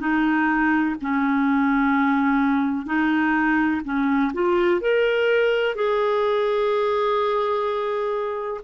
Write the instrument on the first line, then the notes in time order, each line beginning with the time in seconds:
clarinet
0.00 D#4
1.02 C#4
2.86 D#4
3.84 C#4
4.34 F4
4.81 A#4
5.75 G#4